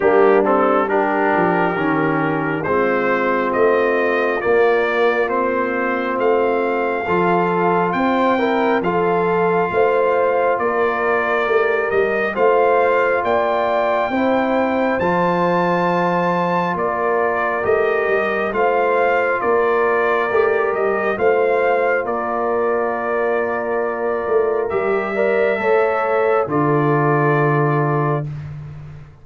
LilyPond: <<
  \new Staff \with { instrumentName = "trumpet" } { \time 4/4 \tempo 4 = 68 g'8 a'8 ais'2 c''4 | dis''4 d''4 c''4 f''4~ | f''4 g''4 f''2 | d''4. dis''8 f''4 g''4~ |
g''4 a''2 d''4 | dis''4 f''4 d''4. dis''8 | f''4 d''2. | e''2 d''2 | }
  \new Staff \with { instrumentName = "horn" } { \time 4/4 d'4 g'2 f'4~ | f'1 | a'4 c''8 ais'8 a'4 c''4 | ais'2 c''4 d''4 |
c''2. ais'4~ | ais'4 c''4 ais'2 | c''4 ais'2.~ | ais'8 d''8 cis''4 a'2 | }
  \new Staff \with { instrumentName = "trombone" } { \time 4/4 ais8 c'8 d'4 cis'4 c'4~ | c'4 ais4 c'2 | f'4. e'8 f'2~ | f'4 g'4 f'2 |
e'4 f'2. | g'4 f'2 g'4 | f'1 | g'8 ais'8 a'4 f'2 | }
  \new Staff \with { instrumentName = "tuba" } { \time 4/4 g4. f8 dis4 gis4 | a4 ais2 a4 | f4 c'4 f4 a4 | ais4 a8 g8 a4 ais4 |
c'4 f2 ais4 | a8 g8 a4 ais4 a8 g8 | a4 ais2~ ais8 a8 | g4 a4 d2 | }
>>